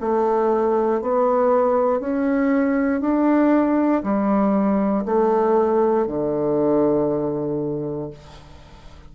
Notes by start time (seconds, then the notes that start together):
0.00 A3
1.01 B3
2.00 C#4
3.00 D4
4.03 G3
5.05 A3
6.06 D3